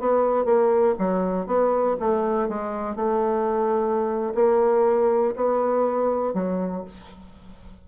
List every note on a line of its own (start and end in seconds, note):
0.00 0.45 B3
0.45 0.95 A#3
0.99 1.47 F#3
1.47 1.97 B3
2.00 2.49 A3
2.49 2.96 G#3
2.96 4.33 A3
4.35 5.35 A#3
5.36 6.34 B3
6.34 6.84 F#3